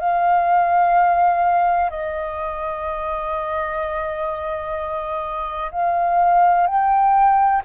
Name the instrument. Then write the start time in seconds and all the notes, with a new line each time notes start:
flute
0.00 F5
1.90 D#5
5.72 F5
6.68 G5